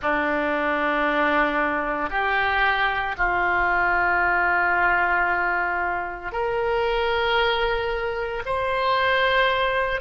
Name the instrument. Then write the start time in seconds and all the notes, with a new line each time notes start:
oboe
0.01 D4
2.10 G4
3.17 F4
6.32 A#4
8.45 C5